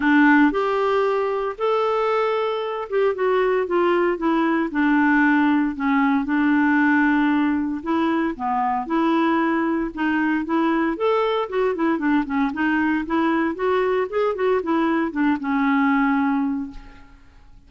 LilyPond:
\new Staff \with { instrumentName = "clarinet" } { \time 4/4 \tempo 4 = 115 d'4 g'2 a'4~ | a'4. g'8 fis'4 f'4 | e'4 d'2 cis'4 | d'2. e'4 |
b4 e'2 dis'4 | e'4 a'4 fis'8 e'8 d'8 cis'8 | dis'4 e'4 fis'4 gis'8 fis'8 | e'4 d'8 cis'2~ cis'8 | }